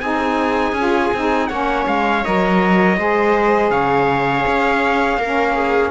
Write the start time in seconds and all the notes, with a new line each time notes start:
0.00 C4 D#4 G#4 G#5
0.72 C#4 F4
1.14 C4 D#4
1.47 A#3 C#4 C#5 F#5
1.87 G#3 F5
2.24 F#3 A#4 D#5
2.97 G#3 G#4 C5
3.70 C#3 C#5 F5
4.47 C#4
5.17 A#3 A#4
5.23 C#4
5.54 G#4